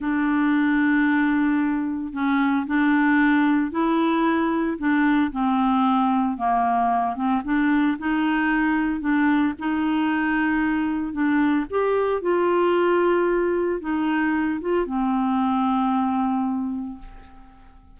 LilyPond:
\new Staff \with { instrumentName = "clarinet" } { \time 4/4 \tempo 4 = 113 d'1 | cis'4 d'2 e'4~ | e'4 d'4 c'2 | ais4. c'8 d'4 dis'4~ |
dis'4 d'4 dis'2~ | dis'4 d'4 g'4 f'4~ | f'2 dis'4. f'8 | c'1 | }